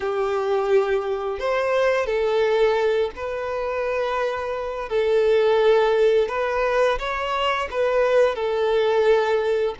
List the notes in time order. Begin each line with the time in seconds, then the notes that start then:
0.00 G4
1.39 C5
2.06 A4
3.15 B4
4.89 A4
6.28 B4
6.98 C#5
7.70 B4
8.35 A4